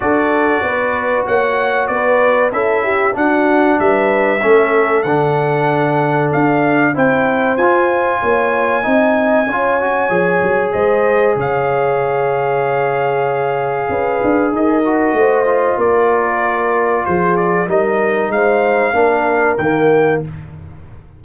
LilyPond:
<<
  \new Staff \with { instrumentName = "trumpet" } { \time 4/4 \tempo 4 = 95 d''2 fis''4 d''4 | e''4 fis''4 e''2 | fis''2 f''4 g''4 | gis''1~ |
gis''4 dis''4 f''2~ | f''2. dis''4~ | dis''4 d''2 c''8 d''8 | dis''4 f''2 g''4 | }
  \new Staff \with { instrumentName = "horn" } { \time 4/4 a'4 b'4 cis''4 b'4 | a'8 g'8 fis'4 b'4 a'4~ | a'2. c''4~ | c''4 cis''4 dis''4 cis''4~ |
cis''4 c''4 cis''2~ | cis''2 b'4 ais'4 | c''4 ais'2 gis'4 | ais'4 c''4 ais'2 | }
  \new Staff \with { instrumentName = "trombone" } { \time 4/4 fis'1 | e'4 d'2 cis'4 | d'2. e'4 | f'2 dis'4 f'8 fis'8 |
gis'1~ | gis'2.~ gis'8 fis'8~ | fis'8 f'2.~ f'8 | dis'2 d'4 ais4 | }
  \new Staff \with { instrumentName = "tuba" } { \time 4/4 d'4 b4 ais4 b4 | cis'4 d'4 g4 a4 | d2 d'4 c'4 | f'4 ais4 c'4 cis'4 |
f8 fis8 gis4 cis2~ | cis2 cis'8 d'8 dis'4 | a4 ais2 f4 | g4 gis4 ais4 dis4 | }
>>